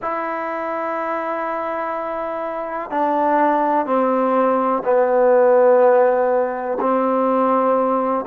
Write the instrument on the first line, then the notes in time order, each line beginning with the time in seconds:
trombone
0.02 E4
2.90 D4
3.85 C4
4.84 B3
6.80 C4